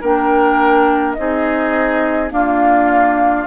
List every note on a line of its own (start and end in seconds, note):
0.00 1.17 A#3
0.00 1.17 D4
0.00 1.15 A#4
0.00 1.13 G5
1.13 2.31 C4
1.13 2.30 D#4
1.13 2.28 D#5
1.19 2.33 G#4
2.30 3.45 A#3
2.30 3.46 D4
2.30 3.46 F4
2.30 3.46 F5